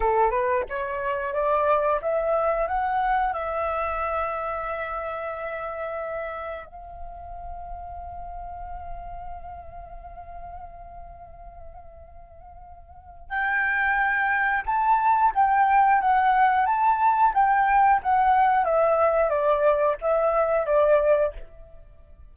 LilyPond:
\new Staff \with { instrumentName = "flute" } { \time 4/4 \tempo 4 = 90 a'8 b'8 cis''4 d''4 e''4 | fis''4 e''2.~ | e''2 f''2~ | f''1~ |
f''1 | g''2 a''4 g''4 | fis''4 a''4 g''4 fis''4 | e''4 d''4 e''4 d''4 | }